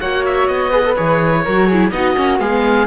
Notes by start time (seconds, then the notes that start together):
0.00 A#3 F#4 C#5 F#5
0.25 E5
0.47 B3 D#5
0.71 G#4 B4
0.85 A4
0.95 E3 G#4 C#5
1.44 F#3 F#4 A#4
1.66 E4 G#4
1.90 B3 D#4 F#4 D#5
2.15 A#3 C#4
2.38 G#3 B3 G#4 F5